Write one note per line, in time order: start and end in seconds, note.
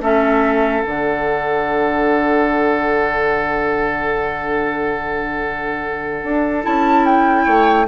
0.00 0.83 A3
0.00 0.83 C#4
0.00 7.45 A4
0.00 0.82 E5
0.82 6.23 D3
0.82 6.63 D4
0.82 6.61 F#5
6.23 6.65 D4
6.63 7.47 C#4
6.63 7.87 E4
6.63 7.05 A5
7.05 7.88 G5
7.45 7.88 A3
7.45 7.86 C#5